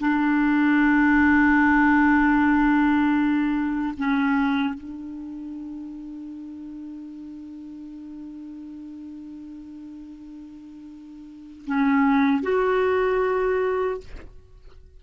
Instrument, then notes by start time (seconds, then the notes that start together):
clarinet
0.00 D4
3.98 C#4
4.74 D4
11.66 C#4
12.43 F#4